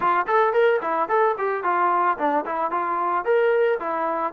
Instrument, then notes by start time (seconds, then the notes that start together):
trombone
0.00 F4
0.27 A4
0.53 A#4
0.81 E4
1.08 A4
1.38 G4
1.63 F4
2.17 D4
2.45 E4
2.70 F4
3.24 A#4
3.79 E4